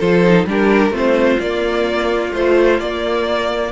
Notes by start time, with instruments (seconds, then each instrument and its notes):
0.00 cello F3, viola F4, violin A4 C5
0.24 viola D#4
0.46 cello G3, viola D4, violin G4 A#4
0.91 cello A3, viola C4, violin F4 C5
1.40 cello A#3, viola A#3, violin D5
2.33 viola F3, cello A3, violin C5
2.80 cello A#3, viola A#3, violin D5